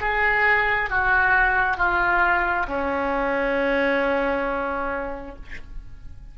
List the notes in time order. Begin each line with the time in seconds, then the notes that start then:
0.00 G#4
0.90 F#4
1.77 F4
2.67 C#4